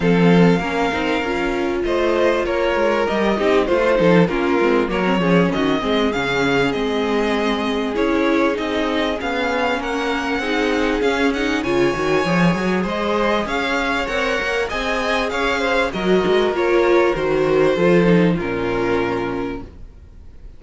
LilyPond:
<<
  \new Staff \with { instrumentName = "violin" } { \time 4/4 \tempo 4 = 98 f''2. dis''4 | cis''4 dis''4 c''4 ais'4 | cis''4 dis''4 f''4 dis''4~ | dis''4 cis''4 dis''4 f''4 |
fis''2 f''8 fis''8 gis''4~ | gis''4 dis''4 f''4 fis''4 | gis''4 f''4 dis''4 cis''4 | c''2 ais'2 | }
  \new Staff \with { instrumentName = "violin" } { \time 4/4 a'4 ais'2 c''4 | ais'4. g'8 f'8 a'8 f'4 | ais'8 gis'8 fis'8 gis'2~ gis'8~ | gis'1 |
ais'4 gis'2 cis''4~ | cis''4 c''4 cis''2 | dis''4 cis''8 c''8 ais'2~ | ais'4 a'4 f'2 | }
  \new Staff \with { instrumentName = "viola" } { \time 4/4 c'4 cis'8 dis'8 f'2~ | f'4 g'8 dis'8 f'8 dis'8 cis'8 c'8 | ais16 c'16 cis'4 c'8 cis'4 c'4~ | c'4 e'4 dis'4 cis'4~ |
cis'4 dis'4 cis'8 dis'8 f'8 fis'8 | gis'2. ais'4 | gis'2 fis'4 f'4 | fis'4 f'8 dis'8 cis'2 | }
  \new Staff \with { instrumentName = "cello" } { \time 4/4 f4 ais8 c'8 cis'4 a4 | ais8 gis8 g8 c'8 a8 f8 ais8 gis8 | fis8 f8 dis8 gis8 cis4 gis4~ | gis4 cis'4 c'4 b4 |
ais4 c'4 cis'4 cis8 dis8 | f8 fis8 gis4 cis'4 c'8 ais8 | c'4 cis'4 fis8 gis8 ais4 | dis4 f4 ais,2 | }
>>